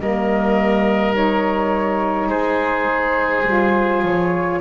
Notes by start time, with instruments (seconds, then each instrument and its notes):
0.00 double bass G3, saxophone A#3, oboe A#4, flute D#5
1.14 saxophone D#4, flute C#5
2.28 double bass G#3, oboe G#4, flute C5
3.46 double bass G3, saxophone F4
4.03 double bass F3, flute C#5